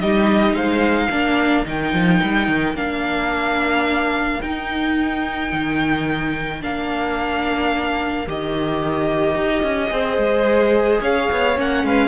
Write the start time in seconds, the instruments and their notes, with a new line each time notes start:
0.00 cello G3, viola D#4, violin G4 D#5
0.54 cello G#3, violin C5 F5
1.08 cello A#3, viola D4, violin A#4
1.65 cello D#3, viola D#4, violin G5
1.93 cello F3
2.23 cello G3
2.48 cello D#3
2.74 cello A#3, viola D4, violin F5
4.42 viola D#4, cello D#4, violin G5
5.53 cello D#3
6.62 cello A#3, viola D4, violin F5
8.27 cello D#3, viola G4, violin D#5
9.35 cello D#4
9.63 cello C#4
9.90 cello C4, viola G#4, violin C5
10.18 cello G#3
11.01 cello C#4, violin C#5 F5
11.31 cello B3
11.56 cello A#3, viola C#4, violin F#5
11.84 cello G#3, violin B4 F5